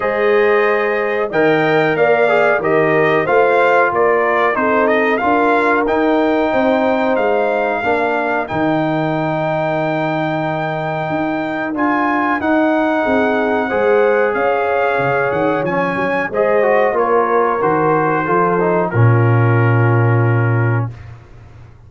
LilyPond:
<<
  \new Staff \with { instrumentName = "trumpet" } { \time 4/4 \tempo 4 = 92 dis''2 g''4 f''4 | dis''4 f''4 d''4 c''8 dis''8 | f''4 g''2 f''4~ | f''4 g''2.~ |
g''2 gis''4 fis''4~ | fis''2 f''4. fis''8 | gis''4 dis''4 cis''4 c''4~ | c''4 ais'2. | }
  \new Staff \with { instrumentName = "horn" } { \time 4/4 c''2 dis''4 d''4 | ais'4 c''4 ais'4 a'4 | ais'2 c''2 | ais'1~ |
ais'1 | gis'4 c''4 cis''2~ | cis''4 c''4 ais'2 | a'4 f'2. | }
  \new Staff \with { instrumentName = "trombone" } { \time 4/4 gis'2 ais'4. gis'8 | g'4 f'2 dis'4 | f'4 dis'2. | d'4 dis'2.~ |
dis'2 f'4 dis'4~ | dis'4 gis'2. | cis'4 gis'8 fis'8 f'4 fis'4 | f'8 dis'8 cis'2. | }
  \new Staff \with { instrumentName = "tuba" } { \time 4/4 gis2 dis4 ais4 | dis4 a4 ais4 c'4 | d'4 dis'4 c'4 gis4 | ais4 dis2.~ |
dis4 dis'4 d'4 dis'4 | c'4 gis4 cis'4 cis8 dis8 | f8 fis8 gis4 ais4 dis4 | f4 ais,2. | }
>>